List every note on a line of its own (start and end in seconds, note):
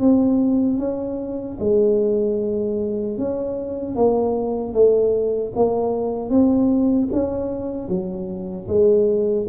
0.00 0.79 C4
0.79 1.58 C#4
1.60 3.18 G#3
3.18 3.95 C#4
3.95 4.74 A#3
4.74 5.53 A3
5.56 6.30 A#3
6.30 7.09 C4
7.12 7.88 C#4
7.88 8.67 F#3
8.68 9.47 G#3